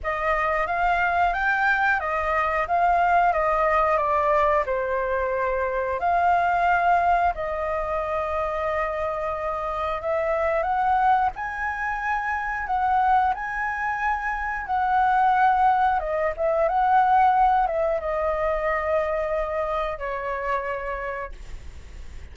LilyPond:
\new Staff \with { instrumentName = "flute" } { \time 4/4 \tempo 4 = 90 dis''4 f''4 g''4 dis''4 | f''4 dis''4 d''4 c''4~ | c''4 f''2 dis''4~ | dis''2. e''4 |
fis''4 gis''2 fis''4 | gis''2 fis''2 | dis''8 e''8 fis''4. e''8 dis''4~ | dis''2 cis''2 | }